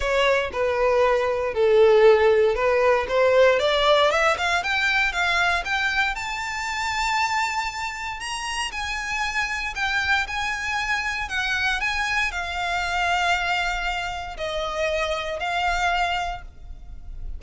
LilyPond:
\new Staff \with { instrumentName = "violin" } { \time 4/4 \tempo 4 = 117 cis''4 b'2 a'4~ | a'4 b'4 c''4 d''4 | e''8 f''8 g''4 f''4 g''4 | a''1 |
ais''4 gis''2 g''4 | gis''2 fis''4 gis''4 | f''1 | dis''2 f''2 | }